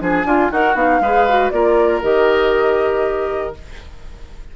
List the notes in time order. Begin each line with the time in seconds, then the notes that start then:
0.00 F3 D4 G#4 G#5
0.24 D4 F4
0.52 D#4 F#4 A#4 F#5
0.75 B3 D#4 F5
1.01 G#3 G#4 B4
1.29 F#4
1.51 A#3 F4 A#4 D5
2.03 D#3 G4 D#5